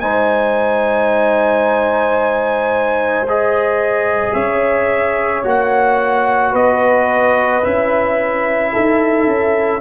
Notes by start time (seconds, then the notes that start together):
0.00 G#3 D#4 C5 G#5
3.28 G#4 D#5
4.34 C#4 C#5 E5
5.45 A#3 F#4 F#5
6.52 B3 B4 D#5
7.64 C#4 E4 E5
8.73 D#4 A4
9.27 C#4